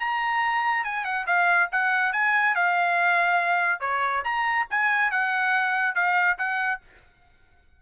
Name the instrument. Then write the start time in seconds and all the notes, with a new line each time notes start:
trumpet
0.00 A#5
0.85 G#5
1.05 F#5
1.27 F5
1.72 F#5
2.13 G#5
2.55 F5
3.81 C#5
4.25 A#5
4.70 G#5
5.11 F#5
5.95 F5
6.38 F#5